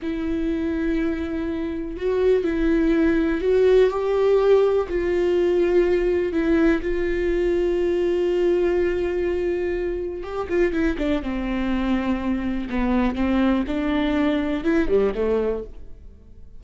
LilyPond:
\new Staff \with { instrumentName = "viola" } { \time 4/4 \tempo 4 = 123 e'1 | fis'4 e'2 fis'4 | g'2 f'2~ | f'4 e'4 f'2~ |
f'1~ | f'4 g'8 f'8 e'8 d'8 c'4~ | c'2 b4 c'4 | d'2 e'8 g8 a4 | }